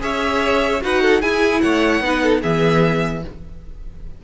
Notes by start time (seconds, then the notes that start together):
0.00 C#4 G#4 C#5 E5
0.82 D#4 F#4 B4 F#5
1.02 A4
1.21 E4 G#4 G#5
1.61 A3 C#5 F#5
2.01 B3 D#4 B4
2.23 A4
2.42 E3 B3 G#4 E5